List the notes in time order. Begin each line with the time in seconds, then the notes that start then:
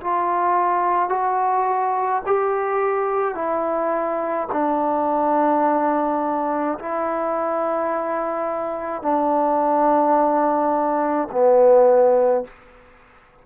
0.00 F4
1.09 F#4
2.26 G4
3.34 E4
4.52 D4
6.79 E4
9.02 D4
11.31 B3